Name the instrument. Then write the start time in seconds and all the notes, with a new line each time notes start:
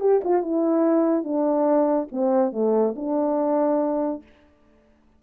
horn
0.00 G4
0.24 F4
0.42 E4
1.23 D4
2.11 C4
2.52 A3
2.96 D4